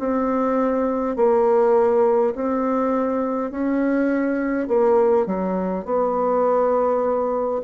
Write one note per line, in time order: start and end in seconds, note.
0.00 1.16 C4
1.16 2.34 A#3
2.35 3.51 C4
3.51 4.68 C#4
4.68 5.26 A#3
5.26 5.85 F#3
5.86 7.62 B3